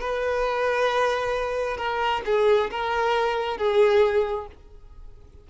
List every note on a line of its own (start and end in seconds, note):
0.00 1.77 B4
1.77 2.22 A#4
2.25 2.70 G#4
2.70 3.57 A#4
3.57 4.47 G#4